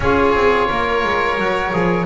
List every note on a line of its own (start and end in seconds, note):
0.00 0.34 C#4
0.00 1.39 F4
0.00 0.68 G#4
0.00 2.05 C#5
0.34 0.69 C4
0.68 1.03 A#3
0.68 2.05 A#4
1.03 1.37 G#3
1.37 1.72 F#3
1.37 1.73 F#4
1.73 2.05 F3
1.73 2.05 G#4